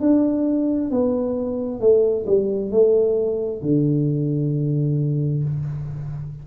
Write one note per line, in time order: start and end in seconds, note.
0.00 0.90 D4
0.90 1.80 B3
1.80 2.25 A3
2.26 2.71 G3
2.71 3.62 A3
3.62 5.43 D3